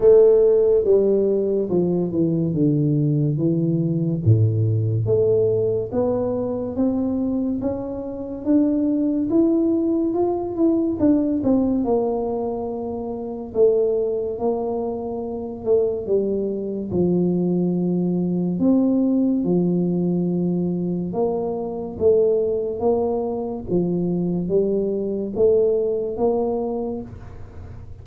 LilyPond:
\new Staff \with { instrumentName = "tuba" } { \time 4/4 \tempo 4 = 71 a4 g4 f8 e8 d4 | e4 a,4 a4 b4 | c'4 cis'4 d'4 e'4 | f'8 e'8 d'8 c'8 ais2 |
a4 ais4. a8 g4 | f2 c'4 f4~ | f4 ais4 a4 ais4 | f4 g4 a4 ais4 | }